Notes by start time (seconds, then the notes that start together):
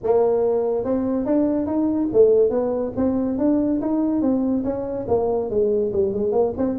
0.03 A#3
0.84 C4
1.25 D4
1.66 D#4
2.12 A3
2.50 B3
2.96 C4
3.38 D4
3.81 D#4
4.21 C4
4.64 C#4
5.08 A#3
5.49 G#3
5.92 G3
6.13 G#3
6.32 A#3
6.57 C4